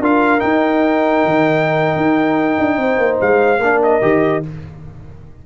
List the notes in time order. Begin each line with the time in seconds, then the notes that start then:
0.00 D4 F4 A#4 F5
0.40 D#4 G5
1.25 D#3
1.96 D#4
2.59 D4
2.77 C4 C5
2.98 A#3
3.21 G#3 F5
3.59 A#3 D4 A#4
3.83 D#5
4.02 D#3 G4